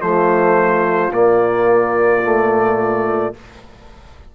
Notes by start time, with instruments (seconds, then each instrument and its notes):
0.00 bassoon F3, trombone A3, horn F4, trumpet C5
1.11 bassoon A#2, trombone A#3, trumpet D5
2.22 trombone A3